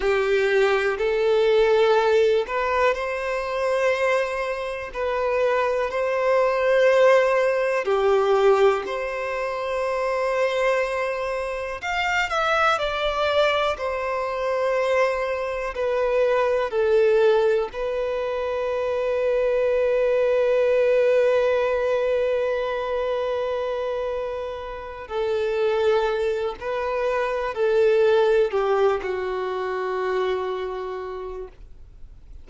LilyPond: \new Staff \with { instrumentName = "violin" } { \time 4/4 \tempo 4 = 61 g'4 a'4. b'8 c''4~ | c''4 b'4 c''2 | g'4 c''2. | f''8 e''8 d''4 c''2 |
b'4 a'4 b'2~ | b'1~ | b'4. a'4. b'4 | a'4 g'8 fis'2~ fis'8 | }